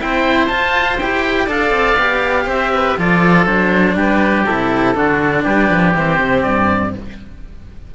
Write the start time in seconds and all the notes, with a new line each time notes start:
0.00 C4 E4 C5 G5
0.48 F4 A5
0.99 E4 G4 G5
1.45 D4 A4 D5 F5
1.71 C4
1.97 B3 G4
2.46 C4 C5 E5
2.74 B4
2.98 F3 F4 A4 D5
3.46 F#3 D4 C5
3.96 G3 G4 B4
4.46 C3 E4 A4
4.95 D3 D4 F#4
5.43 G3 G4 B4
5.71 F3
5.95 E3 C4 C5
6.19 C3
6.43 G2 D5